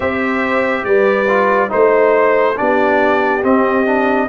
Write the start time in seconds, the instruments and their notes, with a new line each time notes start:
0.00 tuba C4, trombone G4, horn C5, trumpet E5
0.83 tuba G3, horn B4, trumpet D5
1.28 trombone F4
1.69 tuba A3, trombone D#4, horn C5, trumpet C5
2.56 tuba B3, trombone D4, horn G4, trumpet D5
3.43 trombone C4, tuba C4, trumpet D#5
3.85 trombone D4